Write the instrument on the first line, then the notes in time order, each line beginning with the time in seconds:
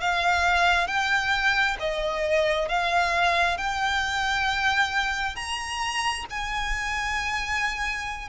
violin
0.00 F5
0.87 G5
1.79 D#5
2.68 F5
3.57 G5
5.35 A#5
6.29 G#5